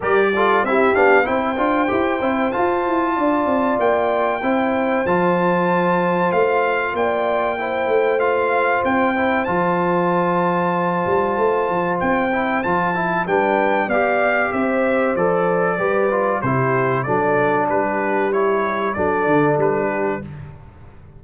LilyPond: <<
  \new Staff \with { instrumentName = "trumpet" } { \time 4/4 \tempo 4 = 95 d''4 e''8 f''8 g''2 | a''2 g''2 | a''2 f''4 g''4~ | g''4 f''4 g''4 a''4~ |
a''2. g''4 | a''4 g''4 f''4 e''4 | d''2 c''4 d''4 | b'4 cis''4 d''4 b'4 | }
  \new Staff \with { instrumentName = "horn" } { \time 4/4 ais'8 a'8 g'4 c''2~ | c''4 d''2 c''4~ | c''2. d''4 | c''1~ |
c''1~ | c''4 b'4 d''4 c''4~ | c''4 b'4 g'4 a'4 | g'2 a'4. g'8 | }
  \new Staff \with { instrumentName = "trombone" } { \time 4/4 g'8 f'8 e'8 d'8 e'8 f'8 g'8 e'8 | f'2. e'4 | f'1 | e'4 f'4. e'8 f'4~ |
f'2.~ f'8 e'8 | f'8 e'8 d'4 g'2 | a'4 g'8 f'8 e'4 d'4~ | d'4 e'4 d'2 | }
  \new Staff \with { instrumentName = "tuba" } { \time 4/4 g4 c'8 b8 c'8 d'8 e'8 c'8 | f'8 e'8 d'8 c'8 ais4 c'4 | f2 a4 ais4~ | ais8 a4. c'4 f4~ |
f4. g8 a8 f8 c'4 | f4 g4 b4 c'4 | f4 g4 c4 fis4 | g2 fis8 d8 g4 | }
>>